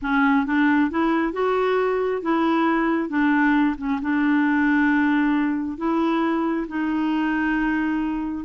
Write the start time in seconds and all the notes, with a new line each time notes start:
0.02 C#4
0.45 D4
0.90 E4
1.33 F#4
2.21 E4
3.09 D4
3.77 C#4
4.01 D4
5.77 E4
6.68 D#4